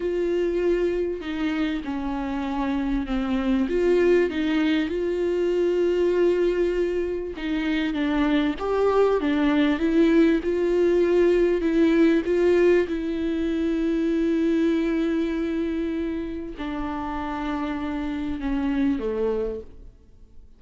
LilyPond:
\new Staff \with { instrumentName = "viola" } { \time 4/4 \tempo 4 = 98 f'2 dis'4 cis'4~ | cis'4 c'4 f'4 dis'4 | f'1 | dis'4 d'4 g'4 d'4 |
e'4 f'2 e'4 | f'4 e'2.~ | e'2. d'4~ | d'2 cis'4 a4 | }